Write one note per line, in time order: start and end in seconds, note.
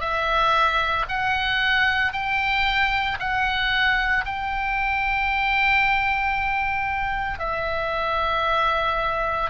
0.00 1.05 E5
1.09 2.12 F#5
2.12 3.18 G5
3.19 4.24 F#5
4.25 7.39 G5
7.39 9.50 E5